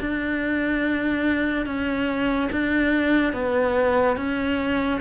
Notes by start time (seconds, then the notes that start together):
0.00 D4
1.66 C#4
2.52 D4
3.33 B3
4.17 C#4